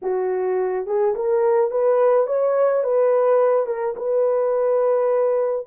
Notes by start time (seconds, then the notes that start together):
0.02 F#4
0.86 G#4
1.15 A#4
1.70 B4
2.26 C#5
2.83 B4
3.66 A#4
3.96 B4